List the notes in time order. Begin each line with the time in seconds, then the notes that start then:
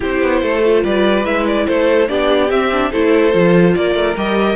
0.00 C4 E4 G4 C5
0.21 B3
0.41 A3 A4
0.64 F4
0.83 G3 B4 D5
1.24 G#3 E4 E5
1.47 D5
1.66 A3 A4 C5
2.07 B3 D4 G4 D5
2.50 C4 E5
2.72 D4
2.91 A3 E4 A4 C5
3.31 F3 F4
3.74 A#3 A#4 D5
3.94 A3
4.16 G3 G4 D#5